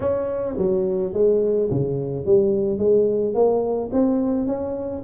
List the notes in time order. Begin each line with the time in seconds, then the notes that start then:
0.00 C#4
0.57 F#3
1.13 G#3
1.71 C#3
2.25 G3
2.78 G#3
3.34 A#3
3.92 C4
4.47 C#4